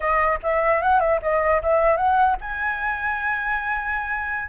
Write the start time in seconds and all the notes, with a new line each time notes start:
0.00 D#5
0.43 E5
0.82 F#5
1.00 E5
1.22 D#5
1.62 E5
1.97 F#5
2.40 G#5